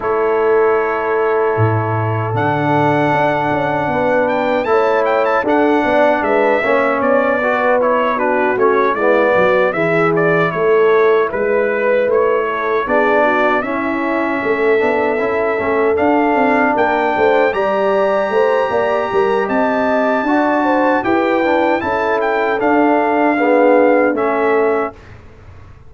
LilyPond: <<
  \new Staff \with { instrumentName = "trumpet" } { \time 4/4 \tempo 4 = 77 cis''2. fis''4~ | fis''4. g''8 a''8 g''16 a''16 fis''4 | e''4 d''4 cis''8 b'8 cis''8 d''8~ | d''8 e''8 d''8 cis''4 b'4 cis''8~ |
cis''8 d''4 e''2~ e''8~ | e''8 f''4 g''4 ais''4.~ | ais''4 a''2 g''4 | a''8 g''8 f''2 e''4 | }
  \new Staff \with { instrumentName = "horn" } { \time 4/4 a'1~ | a'4 b'4 cis''4 a'8 d''8 | b'8 cis''4 b'4 fis'4 e'8 | fis'8 gis'4 a'4 b'4. |
a'8 gis'8 fis'8 e'4 a'4.~ | a'4. ais'8 c''8 d''4 c''8 | d''8 ais'8 dis''4 d''8 c''8 b'4 | a'2 gis'4 a'4 | }
  \new Staff \with { instrumentName = "trombone" } { \time 4/4 e'2. d'4~ | d'2 e'4 d'4~ | d'8 cis'4 fis'8 e'8 d'8 cis'8 b8~ | b8 e'2.~ e'8~ |
e'8 d'4 cis'4. d'8 e'8 | cis'8 d'2 g'4.~ | g'2 fis'4 g'8 d'8 | e'4 d'4 b4 cis'4 | }
  \new Staff \with { instrumentName = "tuba" } { \time 4/4 a2 a,4 d4 | d'8 cis'8 b4 a4 d'8 b8 | gis8 ais8 b2 a8 gis8 | fis8 e4 a4 gis4 a8~ |
a8 b4 cis'4 a8 b8 cis'8 | a8 d'8 c'8 ais8 a8 g4 a8 | ais8 g8 c'4 d'4 e'4 | cis'4 d'2 a4 | }
>>